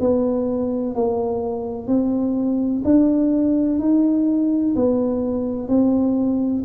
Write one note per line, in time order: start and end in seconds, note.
0.00 0.95 B3
0.95 1.87 A#3
1.87 2.83 C4
2.84 3.79 D4
3.79 4.74 D#4
4.76 5.68 B3
5.68 6.63 C4